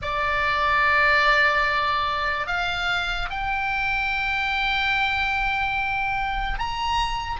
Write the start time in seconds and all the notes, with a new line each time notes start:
0.01 D5
2.47 F5
3.30 G5
6.58 A#5